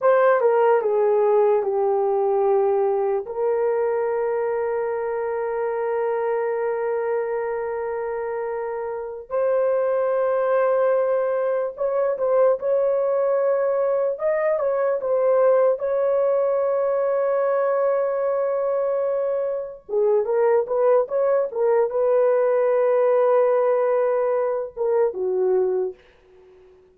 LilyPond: \new Staff \with { instrumentName = "horn" } { \time 4/4 \tempo 4 = 74 c''8 ais'8 gis'4 g'2 | ais'1~ | ais'2.~ ais'8 c''8~ | c''2~ c''8 cis''8 c''8 cis''8~ |
cis''4. dis''8 cis''8 c''4 cis''8~ | cis''1~ | cis''8 gis'8 ais'8 b'8 cis''8 ais'8 b'4~ | b'2~ b'8 ais'8 fis'4 | }